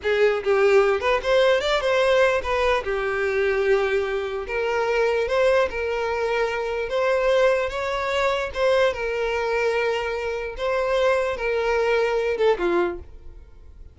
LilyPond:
\new Staff \with { instrumentName = "violin" } { \time 4/4 \tempo 4 = 148 gis'4 g'4. b'8 c''4 | d''8 c''4. b'4 g'4~ | g'2. ais'4~ | ais'4 c''4 ais'2~ |
ais'4 c''2 cis''4~ | cis''4 c''4 ais'2~ | ais'2 c''2 | ais'2~ ais'8 a'8 f'4 | }